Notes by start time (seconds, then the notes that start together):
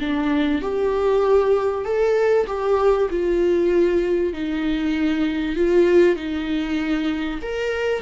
0.00 D4
0.62 G4
1.85 A4
2.47 G4
3.10 F4
4.34 D#4
5.56 F4
6.17 D#4
7.42 A#4